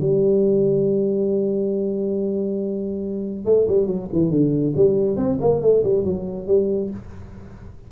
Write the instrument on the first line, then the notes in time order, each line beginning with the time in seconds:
tuba
0.00 G3
3.45 A3
3.67 G3
3.86 F#3
4.12 E3
4.30 D3
4.76 G3
5.16 C4
5.40 A#3
5.61 A3
5.83 G3
6.04 F#3
6.47 G3